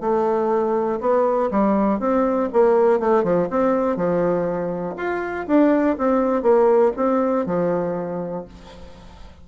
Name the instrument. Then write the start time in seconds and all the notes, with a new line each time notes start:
bassoon
0.00 A3
1.00 B3
1.50 G3
1.99 C4
2.52 A#3
2.99 A3
3.23 F3
3.49 C4
3.96 F3
4.96 F4
5.47 D4
5.98 C4
6.42 A#3
6.96 C4
7.46 F3